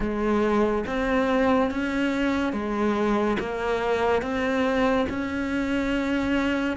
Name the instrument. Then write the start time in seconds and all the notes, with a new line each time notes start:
cello
0.00 G#3
0.86 C4
1.71 C#4
2.52 G#3
3.39 A#3
4.22 C4
5.09 C#4